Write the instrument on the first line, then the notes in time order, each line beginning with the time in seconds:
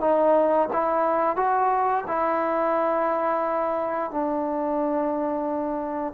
trombone
0.00 D#4
0.72 E4
1.36 F#4
2.07 E4
4.10 D4